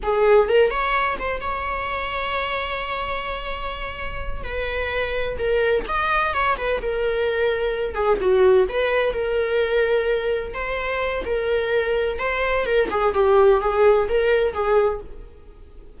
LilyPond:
\new Staff \with { instrumentName = "viola" } { \time 4/4 \tempo 4 = 128 gis'4 ais'8 cis''4 c''8 cis''4~ | cis''1~ | cis''4. b'2 ais'8~ | ais'8 dis''4 cis''8 b'8 ais'4.~ |
ais'4 gis'8 fis'4 b'4 ais'8~ | ais'2~ ais'8 c''4. | ais'2 c''4 ais'8 gis'8 | g'4 gis'4 ais'4 gis'4 | }